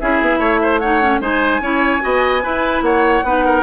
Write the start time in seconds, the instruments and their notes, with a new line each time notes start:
0.00 bassoon C#4, clarinet E4, oboe G#4, flute E5
0.21 bassoon B3
0.39 bassoon A3, oboe C#5
0.62 oboe C5
0.79 clarinet D#4, oboe C#5, flute F#5
1.02 clarinet C#4
1.20 bassoon G#3, clarinet D#4, oboe C5, flute G#5
1.60 bassoon C#4, clarinet E4, oboe C#5
2.01 bassoon B3, clarinet F#4, oboe D#5
2.43 clarinet E4, bassoon E4, oboe B4
2.82 bassoon A#3, oboe C#5, flute F#5
3.23 bassoon B3, clarinet D#4, oboe B4
3.45 oboe A#4